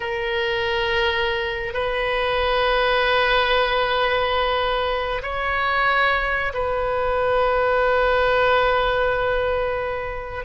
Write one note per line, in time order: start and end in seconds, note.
0.00 1.74 A#4
1.74 5.21 B4
5.22 6.53 C#5
6.53 10.44 B4